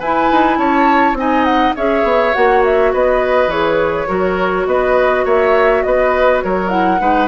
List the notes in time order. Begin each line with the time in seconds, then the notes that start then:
0.00 E4 B4 G#5
0.31 D#4
0.58 C#4 C#5 A5
1.14 C4 D#4 D#5 G#5
1.45 F#5
1.76 C#4 G#4 C#5 E5
2.04 B3
2.34 A#3 F#4 F#5
2.64 E5
2.93 B3 B4 D#5
3.48 E3 G#4 C#5
4.08 F#3 F#4 A#4
4.67 B3 B4 D#5
5.25 A#3 C#5 E5
5.83 B3 B4 D#5
6.43 F#3 A#4 C#5
6.69 E4 F#5
7.00 G#3 D#4 B4